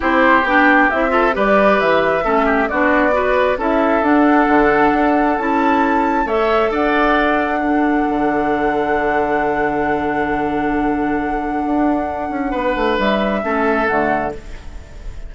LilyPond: <<
  \new Staff \with { instrumentName = "flute" } { \time 4/4 \tempo 4 = 134 c''4 g''4 e''4 d''4 | e''2 d''2 | e''4 fis''2. | a''2 e''4 fis''4~ |
fis''1~ | fis''1~ | fis''1~ | fis''4 e''2 fis''4 | }
  \new Staff \with { instrumentName = "oboe" } { \time 4/4 g'2~ g'8 a'8 b'4~ | b'4 a'8 g'8 fis'4 b'4 | a'1~ | a'2 cis''4 d''4~ |
d''4 a'2.~ | a'1~ | a'1 | b'2 a'2 | }
  \new Staff \with { instrumentName = "clarinet" } { \time 4/4 e'4 d'4 e'8 f'8 g'4~ | g'4 cis'4 d'4 fis'4 | e'4 d'2. | e'2 a'2~ |
a'4 d'2.~ | d'1~ | d'1~ | d'2 cis'4 a4 | }
  \new Staff \with { instrumentName = "bassoon" } { \time 4/4 c'4 b4 c'4 g4 | e4 a4 b2 | cis'4 d'4 d4 d'4 | cis'2 a4 d'4~ |
d'2 d2~ | d1~ | d2 d'4. cis'8 | b8 a8 g4 a4 d4 | }
>>